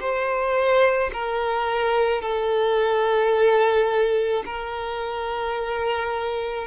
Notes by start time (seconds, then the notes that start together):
0.00 C5
1.14 A#4
2.22 A4
4.45 A#4